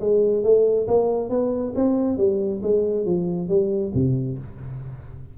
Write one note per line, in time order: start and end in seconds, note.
0.00 0.43 G#3
0.43 0.87 A3
0.87 1.29 A#3
1.29 1.73 B3
1.75 2.17 C4
2.17 2.61 G3
2.62 3.05 G#3
3.05 3.48 F3
3.48 3.92 G3
3.94 4.38 C3